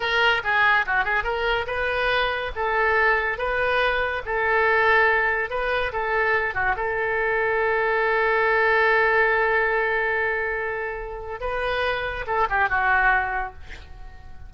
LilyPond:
\new Staff \with { instrumentName = "oboe" } { \time 4/4 \tempo 4 = 142 ais'4 gis'4 fis'8 gis'8 ais'4 | b'2 a'2 | b'2 a'2~ | a'4 b'4 a'4. fis'8 |
a'1~ | a'1~ | a'2. b'4~ | b'4 a'8 g'8 fis'2 | }